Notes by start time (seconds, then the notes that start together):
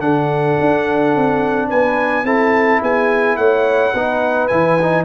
0.00 D3 D4 A4 F#5
0.60 D4
1.16 C4
1.69 B3 B4 G#5
2.23 C4 E4 A4 A5
2.81 B3 G#4 G#5
3.36 A3 C#5 F#5
3.93 B3 D#4 B4
4.47 E3 E4 G#5
4.81 D#4